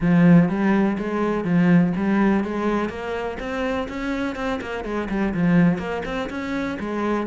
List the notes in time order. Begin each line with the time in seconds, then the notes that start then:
0.00 F3
0.49 G3
0.98 G#3
1.44 F3
1.96 G3
2.43 G#3
2.89 A#3
3.39 C4
3.88 C#4
4.35 C4
4.61 A#3
4.84 G#3
5.09 G3
5.34 F3
5.78 A#3
6.05 C4
6.29 C#4
6.79 G#3